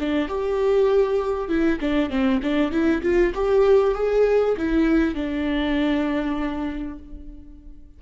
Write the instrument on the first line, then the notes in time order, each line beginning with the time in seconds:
viola
0.00 D4
0.29 G4
1.49 E4
1.81 D4
2.10 C4
2.43 D4
2.72 E4
3.03 F4
3.35 G4
3.95 G#4
4.58 E4
5.15 D4